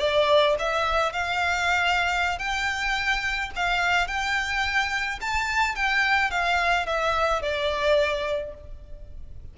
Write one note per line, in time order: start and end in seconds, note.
0.00 0.56 D5
0.59 1.13 E5
1.13 2.39 F5
2.39 3.51 G5
3.56 4.08 F5
4.08 5.20 G5
5.21 5.76 A5
5.76 6.31 G5
6.31 6.87 F5
6.87 7.42 E5
7.42 8.54 D5